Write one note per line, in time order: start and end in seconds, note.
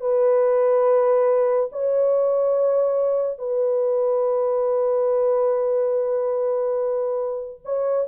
0.00 1.69 B4
1.71 3.38 C#5
3.38 7.61 B4
7.64 8.07 C#5